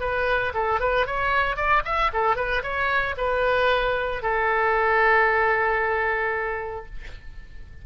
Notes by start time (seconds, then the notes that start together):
0.00 B4
0.54 A4
0.80 B4
1.06 C#5
1.56 D5
1.85 E5
2.13 A4
2.36 B4
2.62 C#5
3.17 B4
4.22 A4